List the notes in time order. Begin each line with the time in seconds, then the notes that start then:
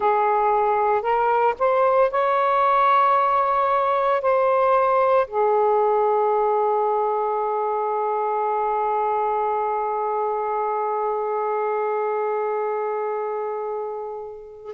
0.00 G#4
1.01 A#4
1.58 C5
2.11 C#5
4.21 C5
5.27 G#4